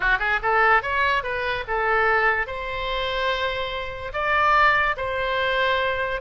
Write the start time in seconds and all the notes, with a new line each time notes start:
0.00 F#4
0.19 G#4
0.42 A4
0.82 C#5
1.23 B4
1.67 A4
2.46 C5
4.13 D5
4.97 C5